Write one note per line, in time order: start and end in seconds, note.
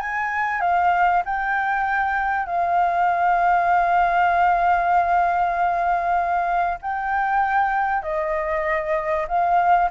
0.00 0.61 G#5
0.61 1.23 F5
1.25 2.46 G5
2.46 6.79 F5
6.82 8.02 G5
8.02 9.26 D#5
9.28 9.90 F5